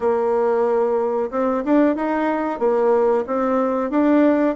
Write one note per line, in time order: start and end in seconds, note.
0.00 1.30 A#3
1.30 1.63 C4
1.65 1.95 D4
1.95 2.59 D#4
2.59 3.24 A#3
3.26 3.90 C4
3.90 4.55 D4